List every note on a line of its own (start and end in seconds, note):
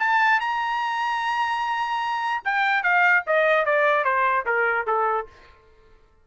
0.00 0.41 A5
0.41 2.43 A#5
2.45 2.84 G5
2.84 3.24 F5
3.27 3.66 D#5
3.66 4.05 D5
4.05 4.45 C5
4.46 4.87 A#4
4.87 5.28 A4